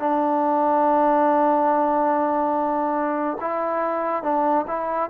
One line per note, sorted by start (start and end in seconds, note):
0.00 3.38 D4
3.41 4.24 E4
4.24 4.66 D4
4.68 5.10 E4